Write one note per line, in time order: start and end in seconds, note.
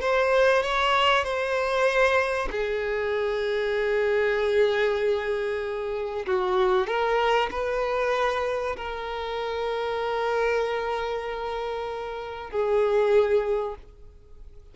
0.00 0.62 C5
0.62 1.23 C#5
1.23 2.48 C5
2.51 6.26 G#4
6.26 6.86 F#4
6.86 7.49 A#4
7.51 8.76 B4
8.76 12.50 A#4
12.50 13.75 G#4